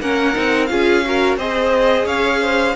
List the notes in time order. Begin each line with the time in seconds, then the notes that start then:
0.00 A#3 C#4 A#4 F#5
0.32 C4 D#4
0.66 C#4 F4 G#4 F5
1.04 F#4 A#4
1.36 C4 G#4 C5 D#5
2.05 C#4 C#5 F5
2.41 C5